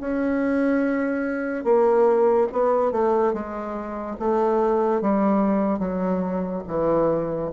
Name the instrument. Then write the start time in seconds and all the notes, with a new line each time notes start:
bassoon
0.00 C#4
1.64 A#3
2.52 B3
2.92 A3
3.33 G#3
4.19 A3
5.01 G3
5.79 F#3
6.67 E3